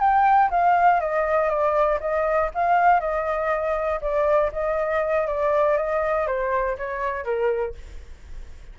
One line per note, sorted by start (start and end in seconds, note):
0.00 0.50 G5
0.50 1.00 F5
1.00 1.49 D#5
1.49 1.99 D5
2.00 2.50 D#5
2.54 3.00 F5
3.00 4.00 D#5
4.01 4.51 D5
4.52 5.27 D#5
5.27 5.77 D5
5.77 6.26 D#5
6.26 6.76 C5
6.77 7.24 C#5
7.24 7.74 A#4